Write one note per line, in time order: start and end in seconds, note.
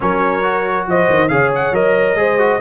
0.00 0.87 F#3
0.00 0.42 C#4
0.00 0.88 A#4
0.00 0.87 C#5
0.42 1.29 F#4
0.87 1.09 F3
0.87 1.31 C5
0.87 1.28 D#5
1.09 1.29 D#3
1.28 1.71 C#3
1.28 1.73 G#4
1.28 2.19 C#5
1.28 1.50 F5
1.54 1.74 F#5
1.71 2.14 F#3
1.71 2.16 A#4
1.71 2.60 D#5
2.14 2.58 G#3
2.14 2.38 G#4
2.14 2.60 C5
2.38 2.60 F#4